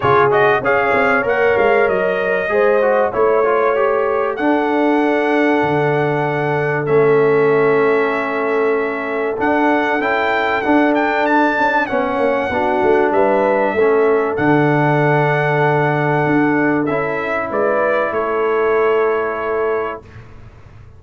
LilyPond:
<<
  \new Staff \with { instrumentName = "trumpet" } { \time 4/4 \tempo 4 = 96 cis''8 dis''8 f''4 fis''8 f''8 dis''4~ | dis''4 cis''2 fis''4~ | fis''2. e''4~ | e''2. fis''4 |
g''4 fis''8 g''8 a''4 fis''4~ | fis''4 e''2 fis''4~ | fis''2. e''4 | d''4 cis''2. | }
  \new Staff \with { instrumentName = "horn" } { \time 4/4 gis'4 cis''2. | c''4 cis''2 a'4~ | a'1~ | a'1~ |
a'2. cis''4 | fis'4 b'4 a'2~ | a'1 | b'4 a'2. | }
  \new Staff \with { instrumentName = "trombone" } { \time 4/4 f'8 fis'8 gis'4 ais'2 | gis'8 fis'8 e'8 f'8 g'4 d'4~ | d'2. cis'4~ | cis'2. d'4 |
e'4 d'2 cis'4 | d'2 cis'4 d'4~ | d'2. e'4~ | e'1 | }
  \new Staff \with { instrumentName = "tuba" } { \time 4/4 cis4 cis'8 c'8 ais8 gis8 fis4 | gis4 a2 d'4~ | d'4 d2 a4~ | a2. d'4 |
cis'4 d'4. cis'8 b8 ais8 | b8 a8 g4 a4 d4~ | d2 d'4 cis'4 | gis4 a2. | }
>>